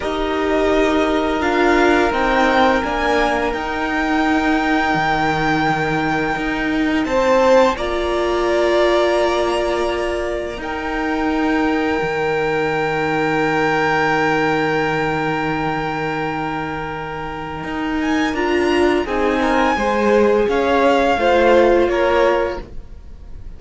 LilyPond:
<<
  \new Staff \with { instrumentName = "violin" } { \time 4/4 \tempo 4 = 85 dis''2 f''4 g''4 | gis''4 g''2.~ | g''2 a''4 ais''4~ | ais''2. g''4~ |
g''1~ | g''1~ | g''4. gis''8 ais''4 gis''4~ | gis''4 f''2 cis''4 | }
  \new Staff \with { instrumentName = "violin" } { \time 4/4 ais'1~ | ais'1~ | ais'2 c''4 d''4~ | d''2. ais'4~ |
ais'1~ | ais'1~ | ais'2. gis'8 ais'8 | c''4 cis''4 c''4 ais'4 | }
  \new Staff \with { instrumentName = "viola" } { \time 4/4 g'2 f'4 dis'4 | d'4 dis'2.~ | dis'2. f'4~ | f'2. dis'4~ |
dis'1~ | dis'1~ | dis'2 f'4 dis'4 | gis'2 f'2 | }
  \new Staff \with { instrumentName = "cello" } { \time 4/4 dis'2 d'4 c'4 | ais4 dis'2 dis4~ | dis4 dis'4 c'4 ais4~ | ais2. dis'4~ |
dis'4 dis2.~ | dis1~ | dis4 dis'4 d'4 c'4 | gis4 cis'4 a4 ais4 | }
>>